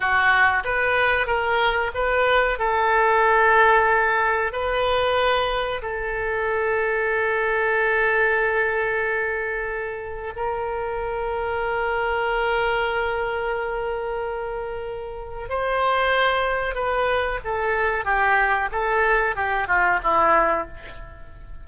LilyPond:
\new Staff \with { instrumentName = "oboe" } { \time 4/4 \tempo 4 = 93 fis'4 b'4 ais'4 b'4 | a'2. b'4~ | b'4 a'2.~ | a'1 |
ais'1~ | ais'1 | c''2 b'4 a'4 | g'4 a'4 g'8 f'8 e'4 | }